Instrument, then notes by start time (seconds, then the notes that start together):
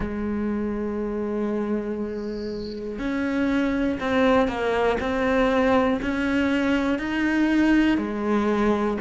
cello
0.00 G#3
2.99 C#4
4.00 C4
4.47 A#3
5.00 C4
6.02 C#4
6.99 D#4
7.97 G#3